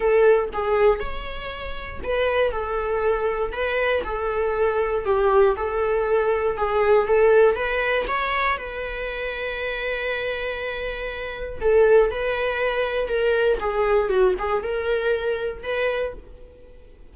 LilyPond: \new Staff \with { instrumentName = "viola" } { \time 4/4 \tempo 4 = 119 a'4 gis'4 cis''2 | b'4 a'2 b'4 | a'2 g'4 a'4~ | a'4 gis'4 a'4 b'4 |
cis''4 b'2.~ | b'2. a'4 | b'2 ais'4 gis'4 | fis'8 gis'8 ais'2 b'4 | }